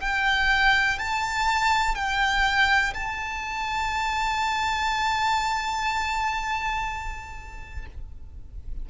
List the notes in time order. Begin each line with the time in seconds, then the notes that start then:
0.00 G5
0.98 A5
1.95 G5
2.94 A5